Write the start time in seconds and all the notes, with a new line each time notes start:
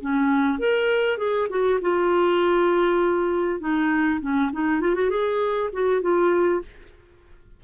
0.00 C#4
0.58 A#4
1.17 G#4
1.49 F#4
1.81 F4
3.60 D#4
4.21 C#4
4.52 D#4
4.81 F4
4.94 F#4
5.10 G#4
5.72 F#4
6.01 F4